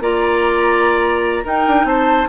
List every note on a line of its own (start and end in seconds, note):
0.00 1.45 A#3
0.00 1.44 F4
0.00 1.44 D5
0.00 1.47 A#5
1.44 2.27 D#4
1.44 1.65 D#4
1.44 1.85 A#4
1.44 1.87 G5
1.67 1.84 D4
1.84 2.26 C4
1.84 2.29 C5
1.84 2.28 A5